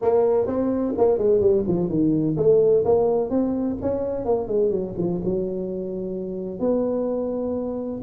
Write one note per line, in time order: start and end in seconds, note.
0.01 0.46 A#3
0.46 0.94 C4
0.97 1.18 A#3
1.18 1.40 G#3
1.40 1.64 G3
1.67 1.88 F3
1.88 2.36 D#3
2.36 2.84 A3
2.84 3.29 A#3
3.29 3.77 C4
3.81 4.25 C#4
4.25 4.47 A#3
4.47 4.70 G#3
4.70 4.94 F#3
4.97 5.21 F3
5.24 6.59 F#3
6.59 8.01 B3